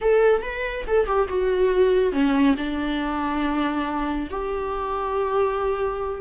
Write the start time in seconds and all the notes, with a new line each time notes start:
0.01 A4
0.42 B4
0.87 A4
1.06 G4
1.28 F#4
2.12 C#4
2.57 D4
4.30 G4